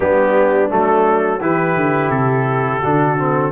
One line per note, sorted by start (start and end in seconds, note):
0.00 0.71 G3
0.00 0.69 B3
0.00 1.39 D4
0.00 0.71 G4
0.69 1.40 F#3
0.69 1.40 A3
0.69 1.41 A4
1.39 1.76 E3
1.39 2.82 E4
1.39 2.81 G4
1.39 2.10 B4
1.76 2.10 D3
2.10 2.80 C3
2.10 3.51 A4
2.81 3.51 D3
2.81 3.18 D4
2.81 3.51 F#4
3.18 3.51 C4